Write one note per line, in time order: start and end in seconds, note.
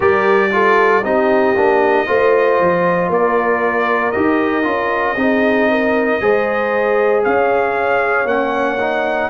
0.00 1.03 G3
0.00 0.50 G4
0.00 0.50 A#4
0.00 1.04 D5
0.51 1.02 F4
0.51 1.05 A4
1.03 1.55 C4
1.03 1.55 D#4
1.03 2.06 G4
1.03 3.11 D#5
1.55 2.07 A#3
1.55 2.06 D4
2.06 2.59 A3
2.06 4.13 F4
2.06 3.10 C5
2.59 3.09 F3
3.09 4.12 A#3
3.09 5.17 A#4
3.09 4.11 D5
4.11 4.65 D#4
4.11 4.63 G4
4.11 7.22 D#5
4.63 5.16 C#4
4.63 5.15 F4
5.16 6.19 C4
5.16 6.20 D#4
5.16 5.70 G#4
5.70 6.21 A#4
6.20 7.25 G#3
6.20 8.26 G#4
6.20 7.24 C5
7.23 8.24 C#4
7.23 9.30 C#5
7.23 8.27 F5
8.24 9.28 A#3
8.24 8.78 C#4
8.24 9.30 F#5
8.79 9.30 D#4